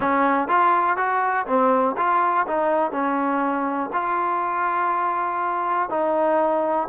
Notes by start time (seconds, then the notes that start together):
0.00 C#4
0.48 F4
0.97 F#4
1.46 C4
1.97 F4
2.47 D#4
2.91 C#4
3.93 F4
5.89 D#4